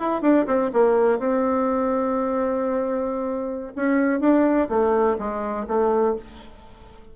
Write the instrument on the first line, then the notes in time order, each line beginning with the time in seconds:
bassoon
0.00 E4
0.22 D4
0.47 C4
0.73 A#3
1.20 C4
3.76 C#4
4.21 D4
4.70 A3
5.19 G#3
5.68 A3